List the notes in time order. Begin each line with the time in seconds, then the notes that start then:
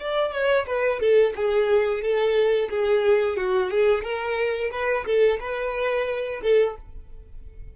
0.00 D5
0.33 C#5
0.67 B4
1.01 A4
1.36 G#4
2.02 A4
2.71 G#4
3.37 F#4
3.71 G#4
4.04 A#4
4.72 B4
5.06 A4
5.41 B4
6.43 A4